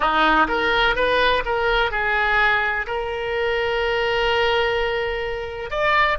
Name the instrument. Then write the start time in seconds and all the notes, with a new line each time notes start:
oboe
0.00 D#4
0.48 A#4
0.95 B4
1.45 A#4
1.91 G#4
2.86 A#4
5.70 D5